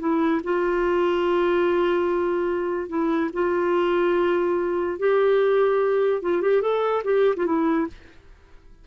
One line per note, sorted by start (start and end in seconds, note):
0.00 0.41 E4
0.44 2.89 F4
2.89 3.30 E4
3.34 4.99 F4
4.99 6.22 G4
6.22 6.42 F4
6.42 6.62 G4
6.62 7.03 A4
7.04 7.35 G4
7.37 7.46 F4
7.46 7.88 E4